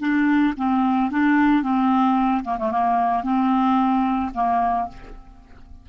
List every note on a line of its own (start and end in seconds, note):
0.00 0.54 D4
0.57 1.12 C4
1.12 1.63 D4
1.63 2.44 C4
2.45 2.58 A#3
2.59 2.72 A3
2.72 3.24 A#3
3.24 4.32 C4
4.35 4.89 A#3